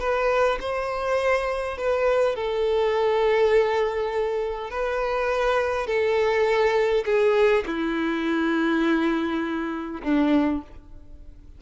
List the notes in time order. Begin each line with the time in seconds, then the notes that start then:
0.00 B4
0.61 C5
1.78 B4
2.36 A4
4.71 B4
5.87 A4
7.06 G#4
7.67 E4
10.03 D4